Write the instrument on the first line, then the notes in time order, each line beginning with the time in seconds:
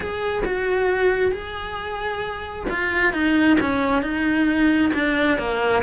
cello
0.00 G#4
0.45 F#4
1.31 G#4
2.70 F4
3.12 D#4
3.60 C#4
4.02 D#4
4.93 D4
5.38 A#3